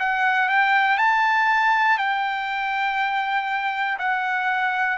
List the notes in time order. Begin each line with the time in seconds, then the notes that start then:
0.00 F#5
0.50 G5
0.98 A5
1.98 G5
3.99 F#5